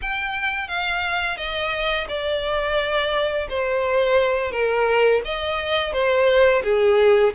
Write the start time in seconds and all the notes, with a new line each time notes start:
0.01 G5
0.68 F5
1.37 D#5
2.08 D5
3.49 C5
4.51 A#4
5.24 D#5
5.92 C5
6.63 G#4